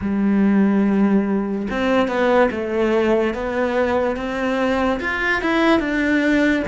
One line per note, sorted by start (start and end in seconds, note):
0.01 1.67 G3
1.70 2.08 C4
2.08 2.49 B3
2.51 3.33 A3
3.33 4.16 B3
4.16 5.00 C4
5.00 5.41 F4
5.41 5.79 E4
5.79 6.62 D4